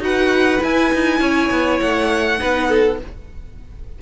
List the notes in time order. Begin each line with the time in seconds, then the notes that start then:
0.00 D#4 F#4 B4 F#5
0.61 E4 G#5
0.94 D#4
1.20 C#4 C#5
1.51 B3
1.81 A3 F#5
2.38 B3 D#4 B4
2.69 A4